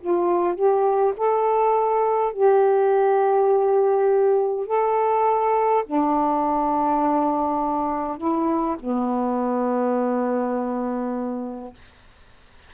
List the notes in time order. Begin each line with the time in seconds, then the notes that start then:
0.00 F4
0.55 G4
1.17 A4
2.32 G4
4.66 A4
5.86 D4
8.17 E4
8.79 B3